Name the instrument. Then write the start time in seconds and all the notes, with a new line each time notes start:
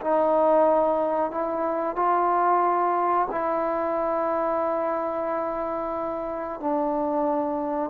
trombone
0.00 D#4
1.31 E4
1.95 F4
3.31 E4
6.60 D4